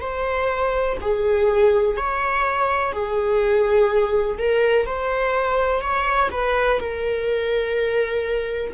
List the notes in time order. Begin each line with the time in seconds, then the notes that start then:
0.00 C5
1.01 G#4
1.97 C#5
2.92 G#4
4.38 A#4
4.86 C5
5.81 C#5
6.31 B4
6.79 A#4